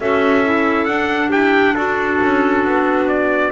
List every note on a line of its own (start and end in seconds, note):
0.00 0.87 C#4
0.00 0.45 F#4
0.00 1.29 A4
0.00 0.86 E5
0.45 0.89 E4
0.86 1.31 D4
0.86 3.52 D4
0.86 1.30 F#5
1.29 1.76 E4
1.29 1.74 G4
1.29 1.75 G5
1.75 2.20 D4
1.75 3.52 F#4
1.75 3.08 A4
2.23 2.65 C#4
2.65 3.52 B3
3.08 3.52 D5